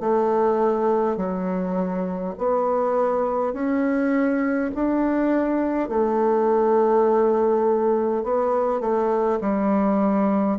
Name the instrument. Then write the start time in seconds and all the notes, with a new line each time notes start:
bassoon
0.00 A3
1.17 F#3
2.39 B3
3.53 C#4
4.75 D4
5.89 A3
8.24 B3
8.81 A3
9.41 G3